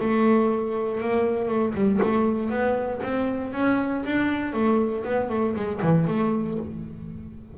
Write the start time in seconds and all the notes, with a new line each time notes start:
0.00 A3
1.01 A#3
1.48 A3
1.74 G3
2.02 A3
2.50 B3
3.03 C4
3.53 C#4
4.05 D4
4.53 A3
5.04 B3
5.29 A3
5.55 G#3
5.82 E3
6.07 A3